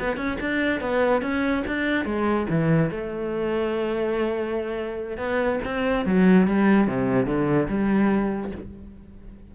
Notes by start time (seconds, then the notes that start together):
0.00 B3
0.17 C#4
0.41 D4
0.81 B3
1.22 C#4
1.67 D4
2.05 G#3
2.50 E3
2.91 A3
5.18 B3
5.65 C4
6.06 F#3
6.47 G3
6.88 C3
7.26 D3
7.69 G3